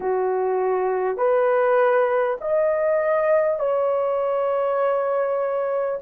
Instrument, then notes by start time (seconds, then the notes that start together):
horn
0.00 F#4
1.17 B4
2.41 D#5
3.59 C#5